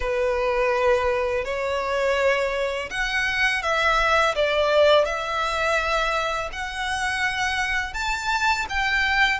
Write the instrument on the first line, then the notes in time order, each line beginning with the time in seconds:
violin
0.00 B4
1.45 C#5
2.90 F#5
3.62 E5
4.35 D5
5.05 E5
6.52 F#5
7.93 A5
8.69 G5